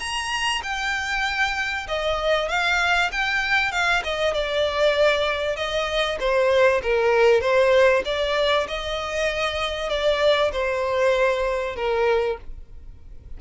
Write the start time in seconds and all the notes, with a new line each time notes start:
0.00 A#5
0.64 G5
1.88 D#5
2.49 F5
3.12 G5
3.72 F5
4.04 D#5
4.34 D5
5.57 D#5
6.20 C5
6.83 A#4
7.41 C5
8.06 D5
8.68 D#5
9.90 D5
10.52 C5
11.76 A#4